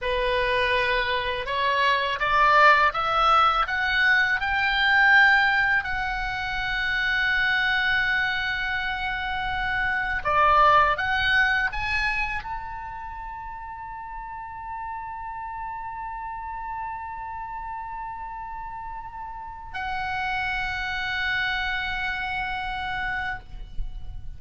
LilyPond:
\new Staff \with { instrumentName = "oboe" } { \time 4/4 \tempo 4 = 82 b'2 cis''4 d''4 | e''4 fis''4 g''2 | fis''1~ | fis''2 d''4 fis''4 |
gis''4 a''2.~ | a''1~ | a''2. fis''4~ | fis''1 | }